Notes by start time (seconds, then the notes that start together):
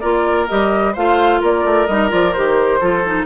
0.00 A#3 F4 A#4 D5
0.48 G3 G4 D#5
0.93 A3 F4 C5 F5
1.41 A#3 A#4 D5
1.64 A3
1.87 G3 D#4 D#5
2.09 F3 F4 D5
2.33 D#3 G4 C5
2.80 F3 F4 A4
3.05 D#4